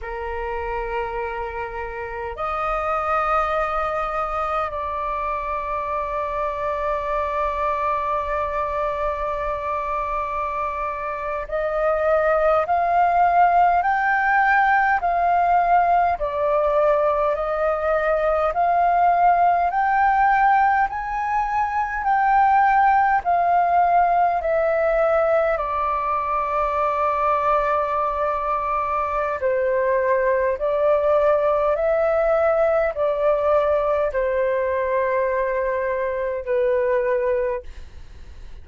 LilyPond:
\new Staff \with { instrumentName = "flute" } { \time 4/4 \tempo 4 = 51 ais'2 dis''2 | d''1~ | d''4.~ d''16 dis''4 f''4 g''16~ | g''8. f''4 d''4 dis''4 f''16~ |
f''8. g''4 gis''4 g''4 f''16~ | f''8. e''4 d''2~ d''16~ | d''4 c''4 d''4 e''4 | d''4 c''2 b'4 | }